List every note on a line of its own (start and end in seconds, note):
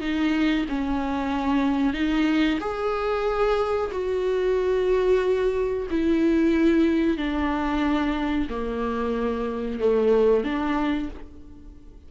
0.00 0.65 D#4
0.68 1.93 C#4
1.93 2.58 D#4
2.60 3.90 G#4
3.91 5.87 F#4
5.90 7.17 E4
7.17 8.48 D4
8.49 9.79 A#3
9.79 10.44 A3
10.44 11.09 D4